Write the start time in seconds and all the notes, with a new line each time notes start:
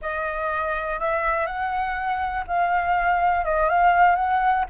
0.01 D#5
0.99 E5
1.46 F#5
2.47 F5
3.44 D#5
3.69 F5
4.15 F#5